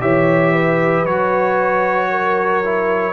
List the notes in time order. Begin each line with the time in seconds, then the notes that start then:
0.00 E3 G4 C#5 E5
0.52 B4
1.04 F#3 F#4 C#5
2.10 A#4
2.64 E4